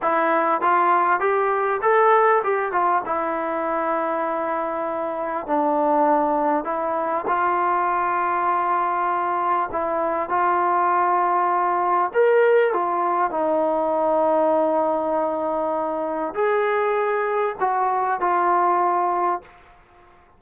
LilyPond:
\new Staff \with { instrumentName = "trombone" } { \time 4/4 \tempo 4 = 99 e'4 f'4 g'4 a'4 | g'8 f'8 e'2.~ | e'4 d'2 e'4 | f'1 |
e'4 f'2. | ais'4 f'4 dis'2~ | dis'2. gis'4~ | gis'4 fis'4 f'2 | }